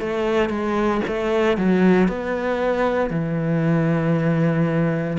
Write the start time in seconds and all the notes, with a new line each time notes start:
0.00 A3
0.49 G#3
1.07 A3
1.58 F#3
2.08 B3
3.10 E3